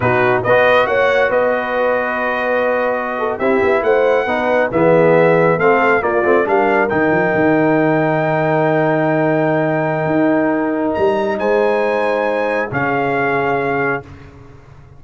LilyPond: <<
  \new Staff \with { instrumentName = "trumpet" } { \time 4/4 \tempo 4 = 137 b'4 dis''4 fis''4 dis''4~ | dis''2.~ dis''8. e''16~ | e''8. fis''2 e''4~ e''16~ | e''8. f''4 d''4 f''4 g''16~ |
g''1~ | g''1~ | g''4 ais''4 gis''2~ | gis''4 f''2. | }
  \new Staff \with { instrumentName = "horn" } { \time 4/4 fis'4 b'4 cis''4 b'4~ | b'2.~ b'16 a'8 g'16~ | g'8. c''4 b'4 gis'4~ gis'16~ | gis'8. a'4 f'4 ais'4~ ais'16~ |
ais'1~ | ais'1~ | ais'2 c''2~ | c''4 gis'2. | }
  \new Staff \with { instrumentName = "trombone" } { \time 4/4 dis'4 fis'2.~ | fis'2.~ fis'8. e'16~ | e'4.~ e'16 dis'4 b4~ b16~ | b8. c'4 ais8 c'8 d'4 dis'16~ |
dis'1~ | dis'1~ | dis'1~ | dis'4 cis'2. | }
  \new Staff \with { instrumentName = "tuba" } { \time 4/4 b,4 b4 ais4 b4~ | b2.~ b8. c'16~ | c'16 b8 a4 b4 e4~ e16~ | e8. a4 ais8 a8 g4 dis16~ |
dis16 f8 dis2.~ dis16~ | dis2. dis'4~ | dis'4 g4 gis2~ | gis4 cis2. | }
>>